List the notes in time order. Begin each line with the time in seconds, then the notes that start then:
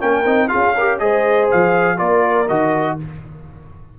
0.00 A#3 C#4 A#4 G5
0.26 C4 D#4
0.49 F4 G#4 F5
0.55 C#4
0.76 G4 A#4
0.99 G#3 G#4 C5 D#5
1.51 F3 F5
1.97 A#3 F4 A#4 D5
2.48 D#3 F#4 D#5